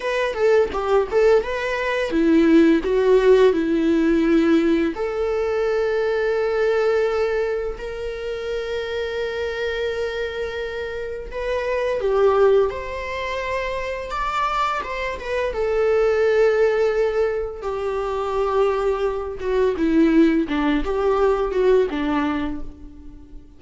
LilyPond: \new Staff \with { instrumentName = "viola" } { \time 4/4 \tempo 4 = 85 b'8 a'8 g'8 a'8 b'4 e'4 | fis'4 e'2 a'4~ | a'2. ais'4~ | ais'1 |
b'4 g'4 c''2 | d''4 c''8 b'8 a'2~ | a'4 g'2~ g'8 fis'8 | e'4 d'8 g'4 fis'8 d'4 | }